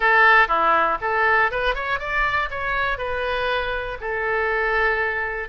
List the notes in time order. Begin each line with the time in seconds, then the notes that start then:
0.00 A4
0.47 E4
1.01 A4
1.51 B4
1.75 C#5
1.99 D5
2.50 C#5
2.97 B4
4.00 A4